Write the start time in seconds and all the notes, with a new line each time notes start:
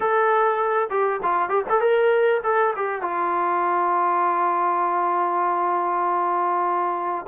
0.00 A4
0.90 G4
1.22 F4
1.48 G4
1.69 A4
1.80 A#4
2.43 A4
2.76 G4
3.01 F4